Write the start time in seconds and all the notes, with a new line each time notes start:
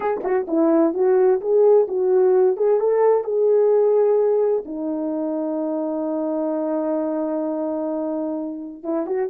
0.00 G#4
0.23 F#4
0.47 E4
0.94 F#4
1.40 G#4
1.88 F#4
2.56 G#4
2.80 A4
3.23 G#4
4.65 D#4
8.83 E4
9.06 F#4